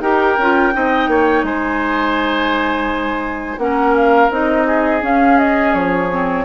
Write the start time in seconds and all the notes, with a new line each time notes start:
0.00 D#4 G4 A#4 G5
0.38 C#4 F4
0.73 C4 D#4 D#5
1.07 A#3 C#5
1.43 G#3 C5 G#5
3.58 A#3 C#4 A#4 F#5
3.95 F5
4.30 C4 D#4 D#5
4.67 G#4
5.01 C#4 F5
5.38 D#5
5.74 F3 C#5
6.11 C4